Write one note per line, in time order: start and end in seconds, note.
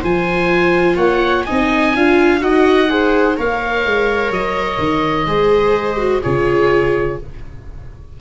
0.00 0.96 F3
0.00 1.46 F4
0.00 0.95 C5
0.00 0.97 G#5
0.96 1.44 A#3
0.96 1.44 C#5
0.96 1.45 F#5
1.45 1.95 C4
1.45 1.95 D#4
1.45 1.94 D#5
1.45 2.40 G#5
1.95 2.41 D4
1.95 2.39 F4
1.95 2.43 F5
2.39 3.37 D#4
2.39 2.87 F#4
2.39 2.90 D#5
2.39 3.36 F#5
2.89 3.36 G#4
2.89 3.37 C5
3.36 3.85 A#3
3.36 5.26 A#4
3.36 5.26 C#5
3.36 4.32 F5
3.85 4.30 G#3
4.30 4.78 F#3
4.30 6.22 D#5
4.78 5.26 D#3
5.26 6.21 G#3
5.26 5.98 G#4
5.26 6.21 C5
5.98 6.21 F#4
6.22 7.20 C#3
6.22 7.19 F4
6.22 7.18 G#4
6.22 7.18 C#5